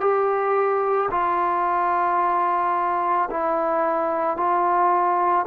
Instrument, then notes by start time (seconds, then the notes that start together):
trombone
0.00 G4
1.11 F4
3.30 E4
4.36 F4